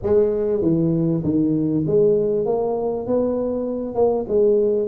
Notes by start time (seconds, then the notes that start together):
0.03 G#3
0.61 E3
1.23 D#3
1.86 G#3
2.45 A#3
3.06 B3
3.94 A#3
4.28 G#3